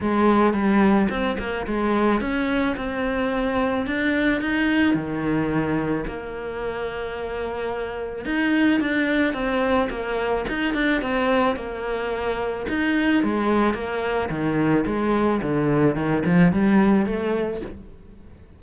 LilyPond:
\new Staff \with { instrumentName = "cello" } { \time 4/4 \tempo 4 = 109 gis4 g4 c'8 ais8 gis4 | cis'4 c'2 d'4 | dis'4 dis2 ais4~ | ais2. dis'4 |
d'4 c'4 ais4 dis'8 d'8 | c'4 ais2 dis'4 | gis4 ais4 dis4 gis4 | d4 dis8 f8 g4 a4 | }